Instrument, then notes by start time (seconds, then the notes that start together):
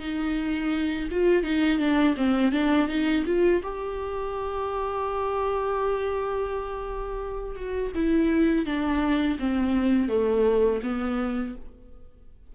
viola
0.00 D#4
1.11 F4
1.44 D#4
1.79 D4
2.17 C4
2.52 D4
2.88 D#4
3.26 F4
3.63 G4
7.56 F#4
7.95 E4
8.66 D4
9.39 C4
10.09 A3
10.83 B3